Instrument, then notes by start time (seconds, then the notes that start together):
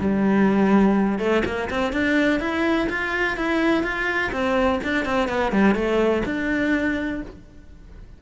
cello
0.00 G3
1.19 A3
1.46 A#3
1.70 C4
1.93 D4
2.40 E4
2.90 F4
3.37 E4
3.84 F4
4.32 C4
4.84 D4
5.06 C4
5.29 B3
5.52 G3
5.75 A3
6.26 D4